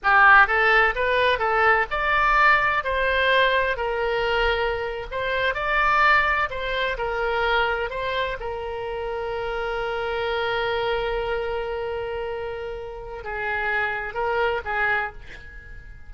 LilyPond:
\new Staff \with { instrumentName = "oboe" } { \time 4/4 \tempo 4 = 127 g'4 a'4 b'4 a'4 | d''2 c''2 | ais'2~ ais'8. c''4 d''16~ | d''4.~ d''16 c''4 ais'4~ ais'16~ |
ais'8. c''4 ais'2~ ais'16~ | ais'1~ | ais'1 | gis'2 ais'4 gis'4 | }